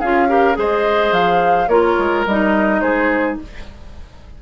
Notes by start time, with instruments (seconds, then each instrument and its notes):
0.00 bassoon C#4, clarinet F4, oboe G#4, flute F5
0.29 clarinet G4, oboe A#4
0.55 bassoon G#3, clarinet G#4, oboe C5, flute D#5
1.12 bassoon F3, flute F5
1.68 bassoon A#3, clarinet F4, oboe A#4, flute C#5
1.99 bassoon G#3
2.26 bassoon G3, clarinet D#4, flute D#5
2.81 bassoon G#3, oboe G#4, flute C5